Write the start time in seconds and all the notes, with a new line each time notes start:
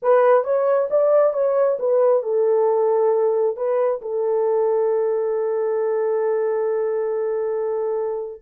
0.02 B4
0.43 C#5
0.90 D5
1.33 C#5
1.79 B4
2.23 A4
3.56 B4
4.01 A4